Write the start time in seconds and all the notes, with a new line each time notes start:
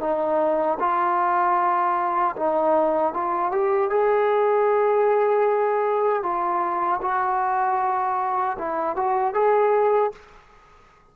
0.00 D#4
0.79 F4
2.36 D#4
3.13 F4
3.51 G4
3.90 G#4
6.22 F4
7.01 F#4
8.58 E4
8.96 F#4
9.34 G#4